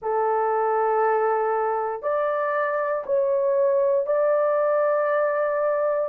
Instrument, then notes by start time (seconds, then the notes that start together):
horn
0.02 A4
2.02 D5
3.06 C#5
4.06 D5